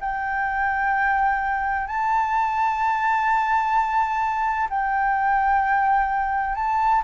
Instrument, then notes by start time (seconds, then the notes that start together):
flute
0.00 G5
1.87 A5
4.70 G5
6.55 A5